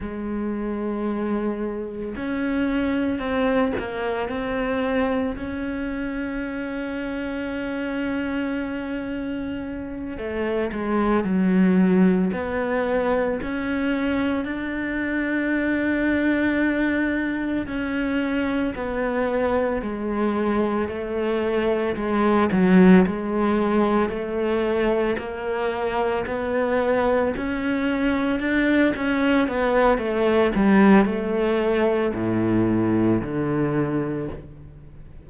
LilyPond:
\new Staff \with { instrumentName = "cello" } { \time 4/4 \tempo 4 = 56 gis2 cis'4 c'8 ais8 | c'4 cis'2.~ | cis'4. a8 gis8 fis4 b8~ | b8 cis'4 d'2~ d'8~ |
d'8 cis'4 b4 gis4 a8~ | a8 gis8 fis8 gis4 a4 ais8~ | ais8 b4 cis'4 d'8 cis'8 b8 | a8 g8 a4 a,4 d4 | }